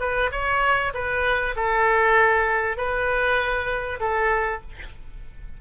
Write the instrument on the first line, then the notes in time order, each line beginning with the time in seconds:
oboe
0.00 B4
0.32 C#5
0.94 B4
1.56 A4
2.77 B4
4.00 A4